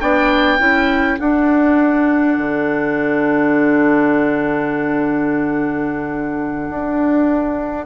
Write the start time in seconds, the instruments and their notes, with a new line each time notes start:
0.00 bassoon B3, clarinet D4, trumpet D5, oboe G5
0.58 bassoon C#4, clarinet E4, trumpet A4
1.19 bassoon D4, clarinet D4, oboe F#5
2.37 bassoon D3
6.69 bassoon D4